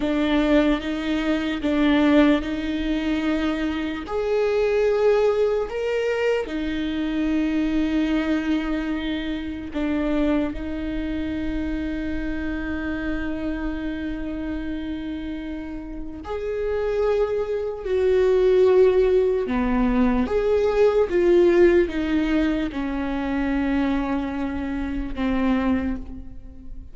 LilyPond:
\new Staff \with { instrumentName = "viola" } { \time 4/4 \tempo 4 = 74 d'4 dis'4 d'4 dis'4~ | dis'4 gis'2 ais'4 | dis'1 | d'4 dis'2.~ |
dis'1 | gis'2 fis'2 | b4 gis'4 f'4 dis'4 | cis'2. c'4 | }